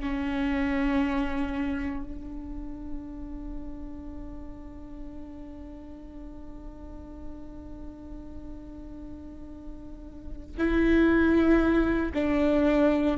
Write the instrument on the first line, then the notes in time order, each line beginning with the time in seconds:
viola
0.00 C#4
2.03 D4
10.57 E4
12.14 D4